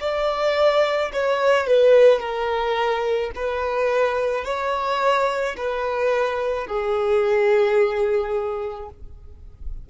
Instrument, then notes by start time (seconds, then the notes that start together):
violin
0.00 D5
1.13 C#5
1.67 B4
2.20 A#4
3.35 B4
4.44 C#5
5.57 B4
6.67 G#4